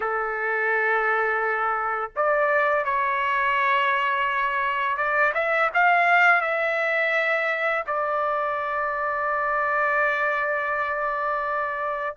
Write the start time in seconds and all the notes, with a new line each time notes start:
0.00 A4
2.16 D5
2.84 C#5
4.97 D5
5.34 E5
5.73 F5
6.41 E5
7.86 D5